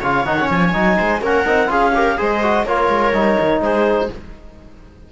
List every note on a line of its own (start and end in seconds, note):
0.00 0.26 C#3
0.00 0.26 F4
0.00 0.96 C#5
0.00 0.25 F5
0.25 0.50 D#3
0.25 0.38 D#4
0.25 0.49 F#5
0.40 0.73 C#4
0.50 0.74 F3
0.50 1.22 G#5
0.73 0.99 F#3
0.73 1.21 D#4
0.97 1.21 G#3
0.97 1.21 C5
1.21 1.45 A#3
1.21 1.46 C#4
1.21 1.70 A#4
1.21 1.72 F#5
1.46 1.69 C4
1.46 1.67 D#4
1.67 2.17 C#4
1.67 1.91 F4
1.67 1.94 G#4
1.67 2.20 F5
1.95 2.18 G4
1.95 2.18 A#4
2.18 2.64 G#3
2.18 2.42 G#4
2.18 2.66 C5
2.18 2.66 D#5
2.43 2.67 F#4
2.64 2.88 A#3
2.64 3.14 F4
2.64 3.62 A#4
2.64 3.62 C#5
2.89 3.13 G#3
3.13 3.37 G3
3.13 4.10 D#4
3.40 3.60 D#3
3.60 4.08 G#3
3.60 4.12 G#4
3.60 4.10 C5